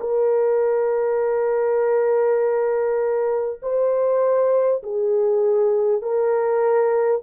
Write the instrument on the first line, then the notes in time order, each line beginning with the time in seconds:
horn
0.00 A#4
3.62 C5
4.83 G#4
6.01 A#4